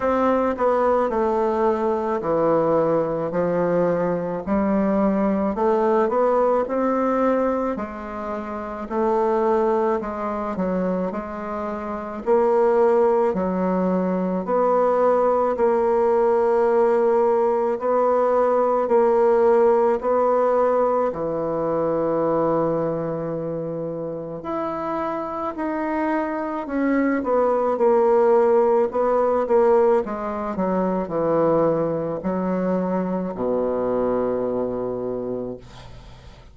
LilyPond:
\new Staff \with { instrumentName = "bassoon" } { \time 4/4 \tempo 4 = 54 c'8 b8 a4 e4 f4 | g4 a8 b8 c'4 gis4 | a4 gis8 fis8 gis4 ais4 | fis4 b4 ais2 |
b4 ais4 b4 e4~ | e2 e'4 dis'4 | cis'8 b8 ais4 b8 ais8 gis8 fis8 | e4 fis4 b,2 | }